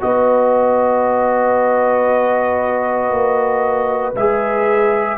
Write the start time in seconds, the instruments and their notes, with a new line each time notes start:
0.00 tuba B3, trombone F#4, horn B4, trumpet D#5
3.11 tuba A#3
4.16 tuba G#3, trombone G#4, trumpet E5